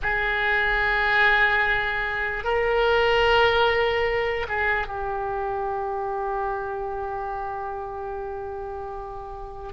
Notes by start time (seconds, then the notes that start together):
0.02 G#4
2.43 A#4
4.48 G#4
4.87 G4